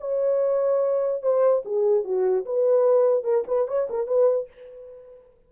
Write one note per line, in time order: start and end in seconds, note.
0.00 1.22 C#5
1.22 1.63 C5
1.65 2.04 G#4
2.04 2.45 F#4
2.45 3.24 B4
3.24 3.44 A#4
3.47 3.68 B4
3.68 3.88 C#5
3.90 4.07 A#4
4.07 4.48 B4